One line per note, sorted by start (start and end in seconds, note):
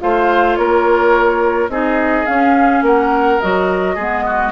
0.00 0.58 A3
0.00 1.70 F4
0.00 0.59 C5
0.00 0.56 F5
0.56 1.69 A#3
0.56 1.71 A#4
0.56 1.69 C#5
1.69 2.26 C4
1.69 2.27 D#4
1.69 2.84 G#4
1.69 2.27 D#5
2.27 3.40 C#4
2.27 2.82 C#4
2.27 2.83 F5
2.82 3.39 A#3
2.82 3.95 A#4
2.82 3.40 F#5
3.40 3.96 F#3
3.40 3.99 F#4
3.40 4.53 D#5
3.95 4.53 G#3
3.95 4.53 B3
3.95 4.23 G#4
4.27 4.53 F#4